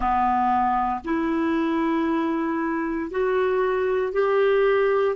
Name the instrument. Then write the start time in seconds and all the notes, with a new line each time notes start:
clarinet
0.00 B3
1.04 E4
3.10 F#4
4.12 G4